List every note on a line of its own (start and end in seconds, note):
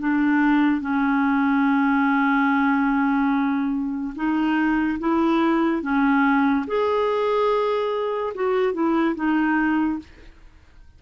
0.00 0.81 D4
0.81 4.15 C#4
4.16 4.99 D#4
5.00 5.83 E4
5.83 6.66 C#4
6.67 8.34 G#4
8.35 8.73 F#4
8.73 9.15 E4
9.16 9.99 D#4